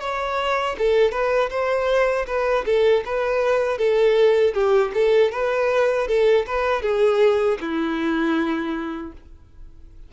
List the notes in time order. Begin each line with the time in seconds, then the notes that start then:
0.00 C#5
0.78 A4
1.12 B4
1.50 C5
2.27 B4
2.65 A4
3.05 B4
3.78 A4
4.54 G4
4.94 A4
5.31 B4
6.08 A4
6.46 B4
6.82 G#4
7.61 E4